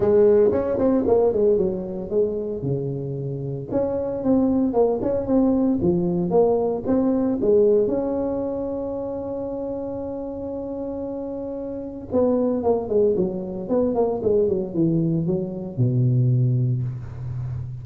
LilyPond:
\new Staff \with { instrumentName = "tuba" } { \time 4/4 \tempo 4 = 114 gis4 cis'8 c'8 ais8 gis8 fis4 | gis4 cis2 cis'4 | c'4 ais8 cis'8 c'4 f4 | ais4 c'4 gis4 cis'4~ |
cis'1~ | cis'2. b4 | ais8 gis8 fis4 b8 ais8 gis8 fis8 | e4 fis4 b,2 | }